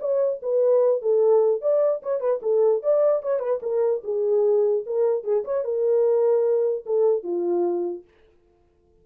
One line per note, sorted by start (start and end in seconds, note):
0.00 0.40 C#5
0.42 1.02 B4
1.02 1.61 A4
1.61 2.02 D5
2.03 2.20 C#5
2.20 2.40 B4
2.42 2.83 A4
2.83 3.23 D5
3.23 3.40 C#5
3.40 3.60 B4
3.62 4.03 A#4
4.04 4.85 G#4
4.86 5.24 A#4
5.24 5.44 G#4
5.45 5.64 C#5
5.64 6.85 A#4
6.86 7.24 A4
7.24 8.04 F4